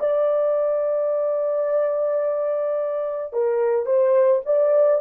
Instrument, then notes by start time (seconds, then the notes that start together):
horn
0.00 D5
3.33 A#4
3.86 C5
4.46 D5